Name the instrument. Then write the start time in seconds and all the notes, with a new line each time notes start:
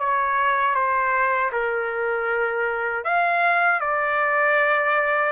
trumpet
0.00 C#5
0.75 C5
1.53 A#4
3.04 F5
3.81 D5